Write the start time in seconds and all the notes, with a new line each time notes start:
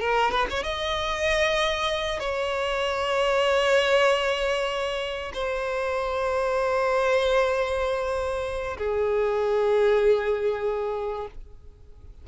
0.00 A#4
0.31 B4
0.50 C#5
0.64 D#5
2.20 C#5
5.34 C5
8.78 G#4